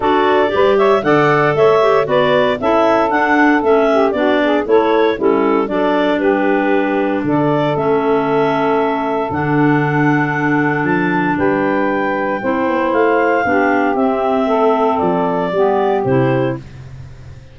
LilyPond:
<<
  \new Staff \with { instrumentName = "clarinet" } { \time 4/4 \tempo 4 = 116 d''4. e''8 fis''4 e''4 | d''4 e''4 fis''4 e''4 | d''4 cis''4 a'4 d''4 | b'2 d''4 e''4~ |
e''2 fis''2~ | fis''4 a''4 g''2~ | g''4 f''2 e''4~ | e''4 d''2 c''4 | }
  \new Staff \with { instrumentName = "saxophone" } { \time 4/4 a'4 b'8 cis''8 d''4 cis''4 | b'4 a'2~ a'8 g'8 | fis'8 gis'8 a'4 e'4 a'4 | g'2 a'2~ |
a'1~ | a'2 b'2 | c''2 g'2 | a'2 g'2 | }
  \new Staff \with { instrumentName = "clarinet" } { \time 4/4 fis'4 g'4 a'4. g'8 | fis'4 e'4 d'4 cis'4 | d'4 e'4 cis'4 d'4~ | d'2. cis'4~ |
cis'2 d'2~ | d'1 | e'2 d'4 c'4~ | c'2 b4 e'4 | }
  \new Staff \with { instrumentName = "tuba" } { \time 4/4 d'4 g4 d4 a4 | b4 cis'4 d'4 a4 | b4 a4 g4 fis4 | g2 d4 a4~ |
a2 d2~ | d4 f4 g2 | c'8 b8 a4 b4 c'4 | a4 f4 g4 c4 | }
>>